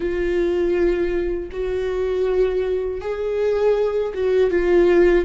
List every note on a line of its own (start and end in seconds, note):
0.00 1.49 F4
1.51 3.00 F#4
3.00 4.13 G#4
4.14 4.50 F#4
4.50 5.25 F4